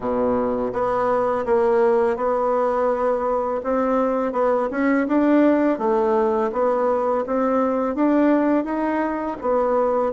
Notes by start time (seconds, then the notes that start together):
0.00 B2
0.73 B3
1.45 A#3
2.16 B3
3.63 C4
4.32 B3
4.71 C#4
5.07 D4
5.78 A3
6.52 B3
7.26 C4
7.95 D4
8.64 D#4
9.41 B3